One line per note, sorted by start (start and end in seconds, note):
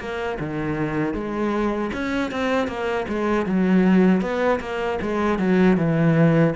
0.00 0.38 A#3
0.40 1.14 D#3
1.14 1.91 G#3
1.93 2.31 C#4
2.31 2.68 C4
2.68 3.06 A#3
3.09 3.47 G#3
3.47 4.22 F#3
4.22 4.60 B3
4.60 4.99 A#3
5.02 5.39 G#3
5.39 5.77 F#3
5.77 6.54 E3